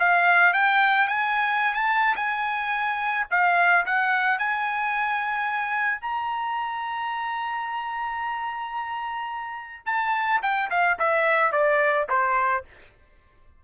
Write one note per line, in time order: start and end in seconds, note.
0.00 0.54 F5
0.54 1.08 G5
1.08 1.75 G#5
1.75 2.16 A5
2.16 3.27 G#5
3.31 3.86 F5
3.86 4.39 F#5
4.39 6.01 G#5
6.01 9.86 A#5
9.86 10.41 A5
10.43 10.70 G5
10.71 10.98 F5
10.99 11.53 E5
11.53 12.08 D5
12.10 12.65 C5